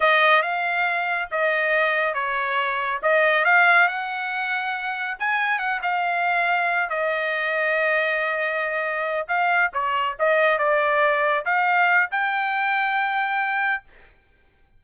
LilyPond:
\new Staff \with { instrumentName = "trumpet" } { \time 4/4 \tempo 4 = 139 dis''4 f''2 dis''4~ | dis''4 cis''2 dis''4 | f''4 fis''2. | gis''4 fis''8 f''2~ f''8 |
dis''1~ | dis''4. f''4 cis''4 dis''8~ | dis''8 d''2 f''4. | g''1 | }